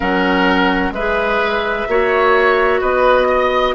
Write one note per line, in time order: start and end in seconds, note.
0.00 0.90 F#3
0.00 0.94 C#4
0.00 0.93 A#4
0.00 0.93 F#5
0.90 1.84 G#3
0.90 1.88 B4
0.90 2.81 E5
0.97 1.88 G#4
1.88 2.81 A#3
1.88 3.75 F#4
1.88 2.80 C#5
2.80 3.75 B3
2.80 3.27 B4
2.80 3.74 D#5
3.28 3.75 D#5